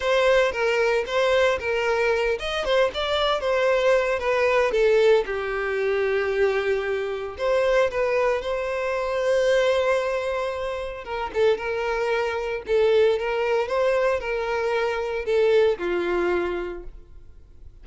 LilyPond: \new Staff \with { instrumentName = "violin" } { \time 4/4 \tempo 4 = 114 c''4 ais'4 c''4 ais'4~ | ais'8 dis''8 c''8 d''4 c''4. | b'4 a'4 g'2~ | g'2 c''4 b'4 |
c''1~ | c''4 ais'8 a'8 ais'2 | a'4 ais'4 c''4 ais'4~ | ais'4 a'4 f'2 | }